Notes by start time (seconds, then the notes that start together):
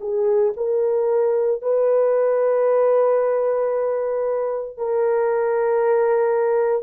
0.00 G#4
0.56 A#4
1.61 B4
4.77 A#4